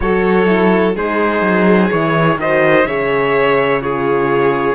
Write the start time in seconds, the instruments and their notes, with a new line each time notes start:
0.00 cello F#3, horn F#4, violin A4, trumpet C#5
0.46 horn E4
0.95 cello G#3, horn D#4, violin G#4, trumpet C5
1.41 cello F#3
1.90 cello E3, horn E4, trumpet C#5
2.37 cello D#3, horn F#4, violin C5, trumpet D#5
2.85 cello C#3, horn G#4, violin C#5, trumpet E5
3.81 horn F4, violin G#4, trumpet C#5